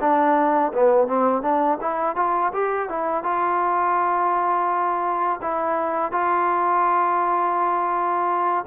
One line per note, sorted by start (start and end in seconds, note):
0.00 0.72 D4
0.73 1.07 B3
1.07 1.42 C4
1.42 1.78 D4
1.81 2.16 E4
2.16 2.52 F4
2.53 2.89 G4
2.89 3.23 E4
3.23 5.40 F4
5.42 6.12 E4
6.12 8.65 F4